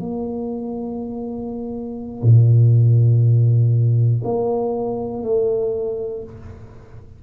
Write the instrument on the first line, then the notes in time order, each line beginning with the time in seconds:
tuba
0.00 A#3
2.23 A#2
4.24 A#3
5.23 A3